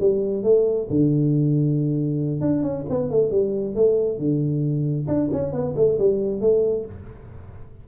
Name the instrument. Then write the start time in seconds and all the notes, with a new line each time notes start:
tuba
0.00 G3
0.43 A3
0.90 D3
2.41 D4
2.63 C#4
2.90 B3
3.11 A3
3.31 G3
3.75 A3
4.19 D3
5.08 D4
5.33 C#4
5.52 B3
5.76 A3
5.99 G3
6.41 A3